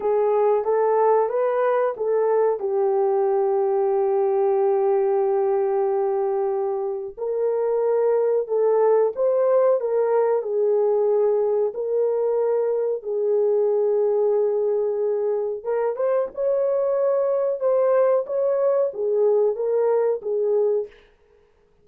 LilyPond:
\new Staff \with { instrumentName = "horn" } { \time 4/4 \tempo 4 = 92 gis'4 a'4 b'4 a'4 | g'1~ | g'2. ais'4~ | ais'4 a'4 c''4 ais'4 |
gis'2 ais'2 | gis'1 | ais'8 c''8 cis''2 c''4 | cis''4 gis'4 ais'4 gis'4 | }